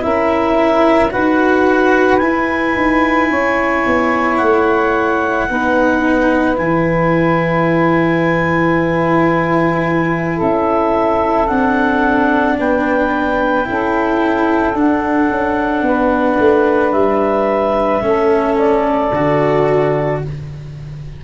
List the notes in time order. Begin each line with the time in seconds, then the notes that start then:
0.00 C#4 E4 A#4 E5
1.11 D#4 F#4 B4 F#5
2.18 E4 G#5
2.76 D#4
3.30 C#4 C#5
3.87 B3
4.37 A3 F#5
5.50 B3 D#4 B4
6.56 E3 E4 G#5
10.36 C#4 A4 E5
11.47 C4 D4 F#5
12.59 B3 B4 G5
13.65 C#4 E4 A4
14.74 D4 F#5
15.29 C#4
15.82 B3 B4
16.39 A3
16.92 G3 E5
18.02 A3 C#4 A4
18.58 D5
19.12 D3 F#4